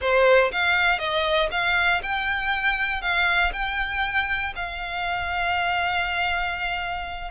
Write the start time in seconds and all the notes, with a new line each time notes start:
0.01 C5
0.52 F5
0.98 D#5
1.51 F5
2.02 G5
3.01 F5
3.52 G5
4.55 F5